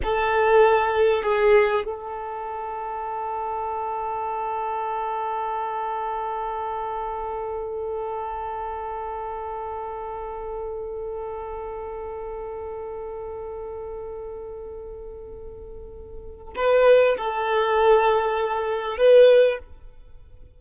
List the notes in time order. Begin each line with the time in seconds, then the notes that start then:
0.03 A4
1.22 G#4
1.84 A4
16.55 B4
17.17 A4
18.97 B4